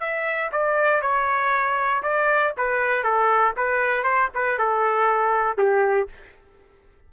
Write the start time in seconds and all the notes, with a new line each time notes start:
0.00 E5
0.52 D5
1.01 C#5
2.03 D5
2.57 B4
3.04 A4
3.56 B4
4.04 C5
4.34 B4
4.58 A4
5.58 G4